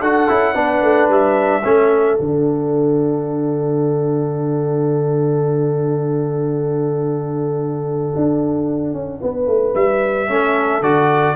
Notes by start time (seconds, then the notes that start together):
0.00 D4 F#4 A4 F#5
0.28 C#4 E4
0.54 B3 D4 B4
0.82 A3
1.09 G3 E5
1.63 A3 C#4 A4
2.17 D3 D4 F#5
8.16 D4
8.93 C#4
9.21 B3 B4
9.47 A3
9.74 G3 E5
10.28 A3 C#4 A4
10.81 D3 F#4 D5